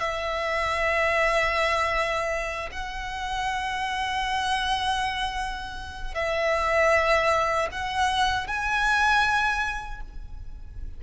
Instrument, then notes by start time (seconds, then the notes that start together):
violin
0.00 E5
2.72 F#5
6.15 E5
7.72 F#5
8.47 G#5